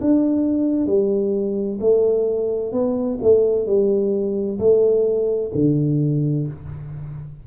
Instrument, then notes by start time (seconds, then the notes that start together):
tuba
0.00 D4
0.86 G3
1.80 A3
2.72 B3
3.22 A3
3.66 G3
4.58 A3
5.54 D3